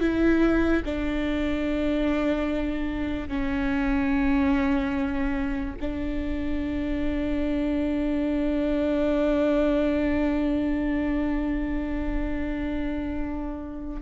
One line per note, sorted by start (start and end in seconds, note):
0.00 0.82 E4
0.84 3.28 D4
3.28 5.74 C#4
5.80 14.01 D4